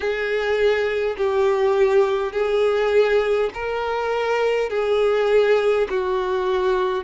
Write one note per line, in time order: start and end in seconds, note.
0.00 1.16 G#4
1.17 2.32 G4
2.32 3.50 G#4
3.53 4.70 A#4
4.70 5.87 G#4
5.89 7.04 F#4